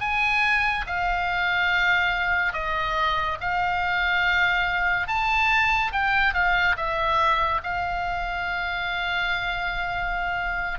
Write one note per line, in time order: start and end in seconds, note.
0.00 0.85 G#5
0.86 2.53 F5
2.53 3.37 D#5
3.40 5.07 F5
5.07 5.92 A5
5.92 6.33 G5
6.33 6.75 F5
6.76 7.61 E5
7.63 10.79 F5